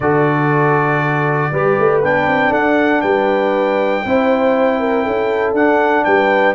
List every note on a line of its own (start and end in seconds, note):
0.00 1.51 D3
0.00 1.53 F#4
0.00 1.52 A4
0.00 2.01 D5
1.51 1.76 G3
1.51 2.03 G4
1.51 2.49 B4
1.78 2.03 A3
2.03 2.27 B3
2.03 4.05 D4
2.03 2.53 G5
2.27 2.51 C4
2.49 3.02 D4
2.49 3.00 A4
2.49 3.01 F#5
3.01 4.03 G3
3.01 4.03 B4
3.01 5.53 G5
4.04 5.06 C4
4.04 5.55 E4
4.04 4.79 C5
4.79 5.03 A#4
5.03 5.52 C#4
5.03 6.04 A4
5.52 6.03 D4
5.52 6.54 D4
5.52 6.04 F#5
6.04 6.54 G3
6.04 6.54 B4
6.04 6.54 G5